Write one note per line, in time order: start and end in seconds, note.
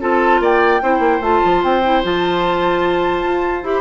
0.00 0.40 C4
0.00 0.81 F4
0.00 0.41 A4
0.00 0.42 A5
0.40 0.80 A#3
0.40 0.82 D5
0.40 1.22 G5
0.82 0.99 C4
0.82 1.21 E4
0.82 3.80 C5
0.99 1.19 A#3
1.20 1.40 A3
1.20 1.82 F4
1.20 1.62 A5
1.44 1.63 F3
1.63 2.03 C4
1.63 2.03 G5
1.84 2.03 E4
2.03 3.24 F3
2.03 3.63 F4
2.03 3.65 A5
3.24 3.63 F4
3.63 3.80 E4
3.63 3.80 G4
3.63 3.80 B5